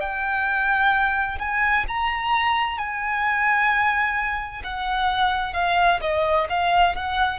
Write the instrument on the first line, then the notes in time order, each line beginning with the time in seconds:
violin
0.00 G5
1.39 G#5
1.88 A#5
2.78 G#5
4.64 F#5
5.53 F5
6.01 D#5
6.49 F5
6.95 F#5